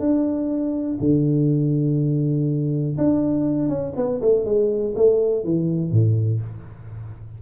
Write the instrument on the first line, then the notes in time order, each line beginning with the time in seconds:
tuba
0.00 D4
1.00 D3
2.98 D4
3.69 C#4
3.97 B3
4.21 A3
4.45 G#3
4.96 A3
5.44 E3
5.92 A2